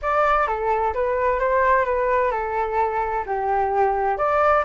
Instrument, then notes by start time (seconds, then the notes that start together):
flute
0.01 D5
0.47 A4
0.93 B4
1.39 C5
1.85 B4
2.31 A4
3.26 G4
4.17 D5